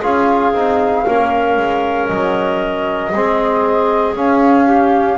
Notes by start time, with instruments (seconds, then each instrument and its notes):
0.00 double bass C#4, trombone F4, clarinet G#4, flute F5
0.53 double bass C4, trombone D#4
1.05 double bass A#3, trombone C#4, clarinet A#4
1.57 double bass G#3
2.07 double bass F#3, flute D#5
3.12 double bass G#3, trombone C4, clarinet G#4
4.15 trombone C#4, double bass C#4, flute F5
4.66 clarinet G4